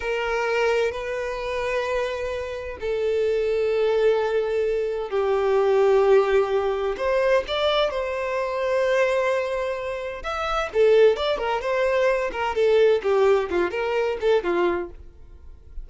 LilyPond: \new Staff \with { instrumentName = "violin" } { \time 4/4 \tempo 4 = 129 ais'2 b'2~ | b'2 a'2~ | a'2. g'4~ | g'2. c''4 |
d''4 c''2.~ | c''2 e''4 a'4 | d''8 ais'8 c''4. ais'8 a'4 | g'4 f'8 ais'4 a'8 f'4 | }